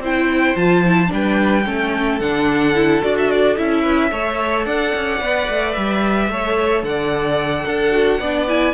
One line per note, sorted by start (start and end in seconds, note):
0.00 0.55 C4
0.00 0.57 E4
0.00 1.11 C5
0.00 0.57 G5
0.56 1.11 F3
0.56 0.84 F4
0.56 1.11 A5
0.86 1.08 E4
1.08 1.67 G3
1.08 1.62 D4
1.14 1.67 B4
1.14 2.20 G5
1.65 2.21 A3
1.65 2.20 C#4
1.65 3.83 A4
2.20 3.02 D3
2.20 2.75 D4
2.20 3.02 F#5
2.75 3.02 E4
3.02 3.59 D4
3.02 3.56 F#4
3.02 3.16 D5
3.18 3.30 E5
3.30 3.58 D5
3.57 4.12 C#4
3.57 4.11 E4
3.57 4.66 E5
3.83 4.10 B4
4.12 4.66 A3
4.12 5.21 A4
4.12 4.67 C#5
4.66 4.93 D4
4.66 6.30 D5
4.66 5.73 F#5
4.95 5.22 C#4
5.21 5.49 B3
5.21 6.30 B4
5.50 5.77 A3
5.73 6.30 G3
5.73 6.82 E5
6.30 6.84 A3
6.30 7.92 A4
6.30 6.86 C#5
6.84 7.65 D3
6.84 7.66 D5
6.84 8.49 F#5
7.66 8.20 D4
7.66 8.20 A4
7.92 8.19 F#4
8.20 8.74 B3
8.20 8.48 D4
8.20 8.74 D5
8.48 8.74 E4
8.48 8.74 G#5